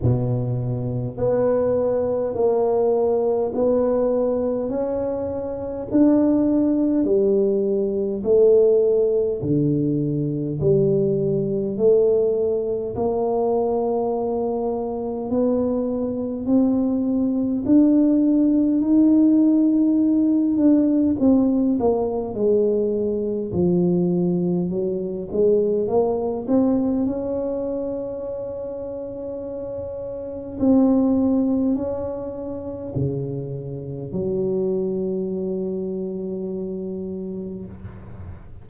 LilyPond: \new Staff \with { instrumentName = "tuba" } { \time 4/4 \tempo 4 = 51 b,4 b4 ais4 b4 | cis'4 d'4 g4 a4 | d4 g4 a4 ais4~ | ais4 b4 c'4 d'4 |
dis'4. d'8 c'8 ais8 gis4 | f4 fis8 gis8 ais8 c'8 cis'4~ | cis'2 c'4 cis'4 | cis4 fis2. | }